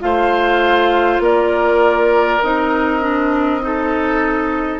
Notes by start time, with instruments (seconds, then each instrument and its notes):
0.00 bassoon A3, clarinet F4, oboe C5, flute F5
1.20 bassoon A#3, oboe A#4, flute D5
2.43 bassoon C4, clarinet D#4, flute D#5
3.01 clarinet D4
3.61 clarinet D#4, oboe A4